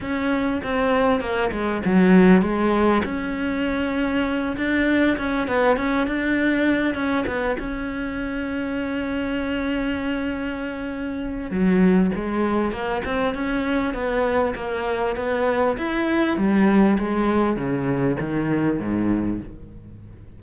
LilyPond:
\new Staff \with { instrumentName = "cello" } { \time 4/4 \tempo 4 = 99 cis'4 c'4 ais8 gis8 fis4 | gis4 cis'2~ cis'8 d'8~ | d'8 cis'8 b8 cis'8 d'4. cis'8 | b8 cis'2.~ cis'8~ |
cis'2. fis4 | gis4 ais8 c'8 cis'4 b4 | ais4 b4 e'4 g4 | gis4 cis4 dis4 gis,4 | }